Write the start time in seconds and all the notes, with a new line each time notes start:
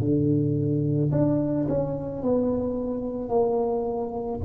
0.00 D3
1.12 D4
1.69 C#4
2.22 B3
3.29 A#3